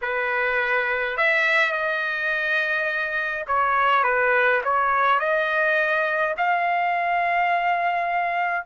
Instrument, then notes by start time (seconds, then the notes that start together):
trumpet
0.01 B4
1.17 E5
1.72 D#5
3.47 C#5
4.03 B4
4.63 C#5
5.19 D#5
6.37 F5